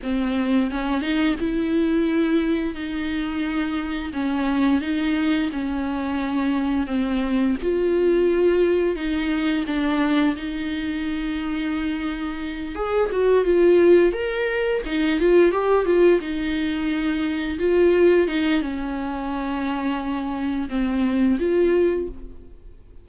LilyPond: \new Staff \with { instrumentName = "viola" } { \time 4/4 \tempo 4 = 87 c'4 cis'8 dis'8 e'2 | dis'2 cis'4 dis'4 | cis'2 c'4 f'4~ | f'4 dis'4 d'4 dis'4~ |
dis'2~ dis'8 gis'8 fis'8 f'8~ | f'8 ais'4 dis'8 f'8 g'8 f'8 dis'8~ | dis'4. f'4 dis'8 cis'4~ | cis'2 c'4 f'4 | }